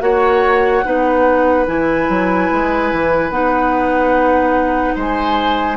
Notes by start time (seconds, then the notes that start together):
0.00 A#3 F#4 C#5 F#5
0.84 B3 D#4 B4
1.66 E3 E4 G#5
2.08 F#3
2.51 G#3
2.92 E3
3.30 B3 D#4 F#5
4.95 G#3 C5 G#5